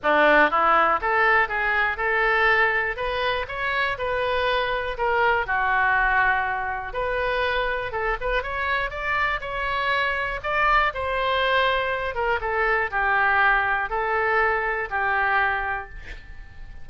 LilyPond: \new Staff \with { instrumentName = "oboe" } { \time 4/4 \tempo 4 = 121 d'4 e'4 a'4 gis'4 | a'2 b'4 cis''4 | b'2 ais'4 fis'4~ | fis'2 b'2 |
a'8 b'8 cis''4 d''4 cis''4~ | cis''4 d''4 c''2~ | c''8 ais'8 a'4 g'2 | a'2 g'2 | }